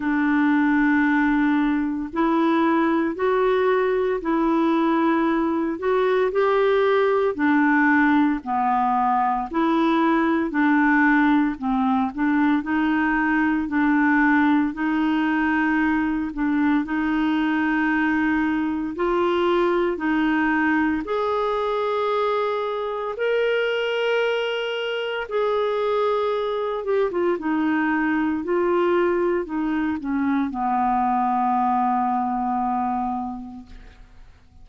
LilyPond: \new Staff \with { instrumentName = "clarinet" } { \time 4/4 \tempo 4 = 57 d'2 e'4 fis'4 | e'4. fis'8 g'4 d'4 | b4 e'4 d'4 c'8 d'8 | dis'4 d'4 dis'4. d'8 |
dis'2 f'4 dis'4 | gis'2 ais'2 | gis'4. g'16 f'16 dis'4 f'4 | dis'8 cis'8 b2. | }